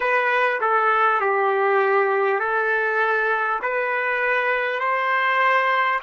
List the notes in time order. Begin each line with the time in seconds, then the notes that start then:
0.00 B4
0.61 A4
1.20 G4
2.39 A4
3.62 B4
4.79 C5